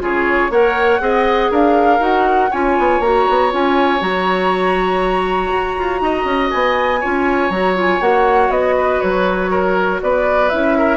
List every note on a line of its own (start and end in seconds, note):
0.00 0.50 C#3
0.00 0.50 F4
0.00 0.51 G#4
0.00 0.52 C#5
0.50 1.00 A#3
0.50 1.00 A#4
0.50 1.01 C#5
0.50 1.52 F#5
1.00 1.50 C4
1.00 1.99 G#4
1.00 1.51 D#5
1.51 2.00 D4
1.51 2.51 A#4
1.51 2.03 F5
1.99 2.50 D#4
1.99 2.49 F#4
1.99 2.52 F#5
2.51 2.78 C#4
2.51 3.02 F4
2.51 6.01 C#5
2.51 3.01 G#5
2.78 2.99 B3
2.99 3.24 A#3
2.99 3.51 F#4
2.99 3.51 A#5
3.29 3.53 B3
3.51 4.01 C#4
3.51 3.99 F4
3.51 4.02 G#5
3.99 5.51 F#3
3.99 6.99 F#4
3.99 6.51 A#5
5.52 5.77 F#4
5.78 6.01 F4
6.01 6.24 D#4
6.01 7.00 D#5
6.24 6.49 C#4
6.51 7.04 B3
6.51 7.50 G#5
7.00 7.49 C#4
7.00 7.51 F4
7.00 8.75 C#5
7.49 7.99 F#3
7.49 7.76 F#4
7.49 7.75 A#5
7.76 8.01 F4
7.76 8.01 G#5
8.01 8.49 A#3
8.01 10.51 F#4
8.01 8.51 F#5
8.49 8.99 B3
8.49 9.01 D#5
8.77 9.51 B4
9.01 10.02 F#3
9.01 10.01 C#5
9.51 10.01 A#4
10.02 10.52 B3
10.02 10.78 B4
10.02 10.49 D5
10.49 10.97 C#4
10.49 10.97 E4
10.49 10.97 E5
10.78 10.97 A#4